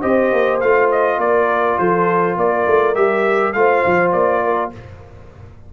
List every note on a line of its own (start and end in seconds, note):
0.00 0.32 C4
0.00 0.61 G4
0.00 1.18 C5
0.00 0.60 D#5
0.32 0.61 A#3
0.60 1.18 A3
0.60 2.95 F4
0.60 0.90 F5
0.91 1.20 D#5
1.18 1.77 A#3
1.18 1.79 A#4
1.18 1.78 D5
1.78 2.37 F3
1.78 2.38 A4
1.78 2.37 C5
2.37 2.66 A#3
2.37 3.57 A#4
2.37 2.95 D5
2.67 2.95 A3
2.95 3.54 G3
2.95 3.54 G4
2.95 3.53 E5
3.53 3.83 A3
3.53 4.72 F4
3.53 4.43 C5
3.53 4.12 F5
3.86 4.13 F3
4.12 4.72 A#3
4.12 4.71 D5
4.43 4.73 A#4